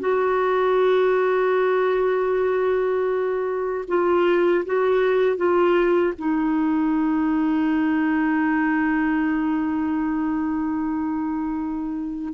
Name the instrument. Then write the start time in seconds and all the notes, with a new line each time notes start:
clarinet
0.00 F#4
3.88 F4
4.65 F#4
5.36 F4
6.18 D#4